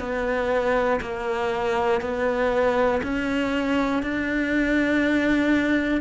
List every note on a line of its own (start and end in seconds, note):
0.00 1.00 B3
1.01 2.01 A#3
2.01 3.01 B3
3.03 4.03 C#4
4.03 6.01 D4